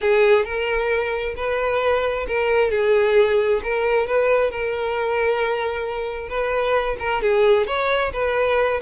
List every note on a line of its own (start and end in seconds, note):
0.01 0.44 G#4
0.44 1.35 A#4
1.36 2.26 B4
2.27 2.71 A#4
2.71 3.61 G#4
3.63 4.06 A#4
4.06 4.51 B4
4.51 6.28 A#4
6.28 6.96 B4
6.99 7.21 A#4
7.22 7.67 G#4
7.67 8.12 C#5
8.13 8.80 B4